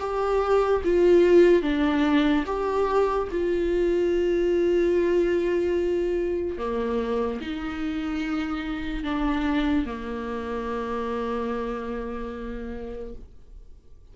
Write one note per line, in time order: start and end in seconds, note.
0.00 0.82 G4
0.84 1.63 F4
1.63 2.45 D4
2.46 3.28 G4
3.32 6.58 F4
6.58 7.40 A#3
7.41 9.04 D#4
9.04 9.86 D4
9.86 13.15 A#3